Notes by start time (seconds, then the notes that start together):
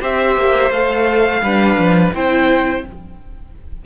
0.00 C4 G4 C5 E5
0.36 A#3
0.71 A3 A4 F5
1.41 G3 D4 B4
1.78 F3
2.14 C4 E4 C5 G5